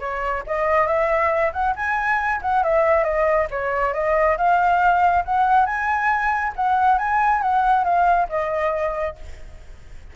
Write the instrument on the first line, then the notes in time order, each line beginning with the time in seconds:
flute
0.00 C#5
0.47 D#5
0.87 E5
1.53 F#5
1.76 G#5
2.42 F#5
2.64 E5
3.04 D#5
3.51 C#5
3.94 D#5
4.38 F5
5.25 F#5
5.66 G#5
6.56 F#5
6.99 G#5
7.42 F#5
7.85 F5
8.29 D#5